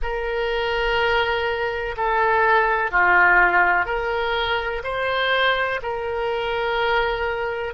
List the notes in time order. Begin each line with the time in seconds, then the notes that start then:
0.02 A#4
1.96 A4
2.91 F4
3.85 A#4
4.83 C5
5.82 A#4